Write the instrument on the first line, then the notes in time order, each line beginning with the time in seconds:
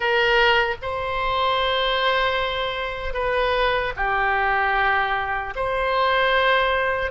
oboe
0.00 A#4
0.82 C5
3.13 B4
3.96 G4
5.55 C5